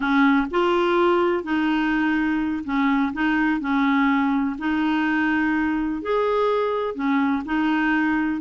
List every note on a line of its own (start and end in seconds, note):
0.00 0.47 C#4
0.50 1.43 F4
1.43 2.63 D#4
2.64 3.12 C#4
3.13 3.60 D#4
3.60 4.56 C#4
4.58 6.02 D#4
6.02 6.94 G#4
6.94 7.42 C#4
7.45 8.41 D#4